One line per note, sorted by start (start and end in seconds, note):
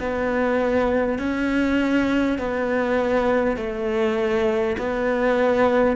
0.00 1.19 B3
1.19 2.39 C#4
2.39 3.57 B3
3.57 4.77 A3
4.78 5.97 B3